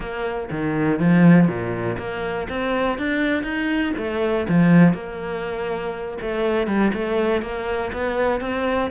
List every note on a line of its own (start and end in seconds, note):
0.00 0.49 A#3
0.50 0.99 D#3
0.99 1.47 F3
1.47 1.97 A#2
1.98 2.48 A#3
2.49 2.98 C4
2.98 3.43 D4
3.43 3.93 D#4
3.97 4.46 A3
4.48 4.93 F3
4.93 6.17 A#3
6.21 6.67 A3
6.67 6.92 G3
6.93 7.41 A3
7.41 7.91 A#3
7.92 8.40 B3
8.40 8.90 C4